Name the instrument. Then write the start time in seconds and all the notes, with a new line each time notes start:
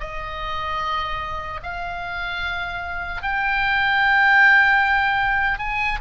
oboe
0.00 D#5
1.63 F5
3.22 G5
5.59 G#5